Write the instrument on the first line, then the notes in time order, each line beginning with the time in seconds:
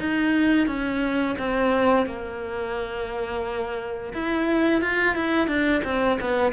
cello
0.00 D#4
0.67 C#4
1.39 C4
2.07 A#3
4.14 E4
4.82 F4
5.16 E4
5.48 D4
5.85 C4
6.21 B3